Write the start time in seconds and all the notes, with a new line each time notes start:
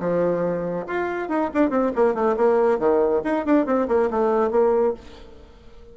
0.00 F3
0.87 F4
1.29 D#4
1.54 D4
1.70 C4
1.95 A#3
2.14 A3
2.37 A#3
2.79 D#3
3.24 D#4
3.45 D4
3.66 C4
3.88 A#3
4.10 A3
4.51 A#3